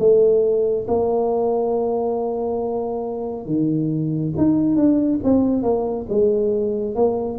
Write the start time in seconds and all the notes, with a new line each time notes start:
0.00 A3
0.88 A#3
3.47 D#3
4.38 D#4
4.77 D4
5.25 C4
5.64 A#3
6.09 G#3
6.96 A#3